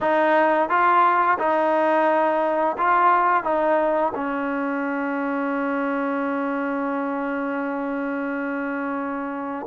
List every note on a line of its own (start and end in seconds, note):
0.01 0.69 D#4
0.69 1.38 F4
1.38 2.76 D#4
2.77 3.43 F4
3.43 4.12 D#4
4.14 9.66 C#4